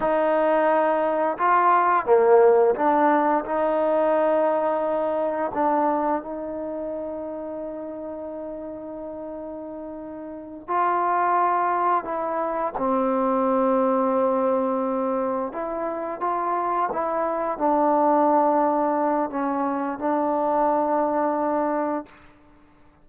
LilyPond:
\new Staff \with { instrumentName = "trombone" } { \time 4/4 \tempo 4 = 87 dis'2 f'4 ais4 | d'4 dis'2. | d'4 dis'2.~ | dis'2.~ dis'8 f'8~ |
f'4. e'4 c'4.~ | c'2~ c'8 e'4 f'8~ | f'8 e'4 d'2~ d'8 | cis'4 d'2. | }